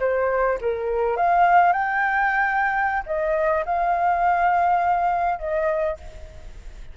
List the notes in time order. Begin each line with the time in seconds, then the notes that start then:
0.00 C5
0.61 A#4
1.17 F5
1.73 G5
3.06 D#5
3.66 F5
5.39 D#5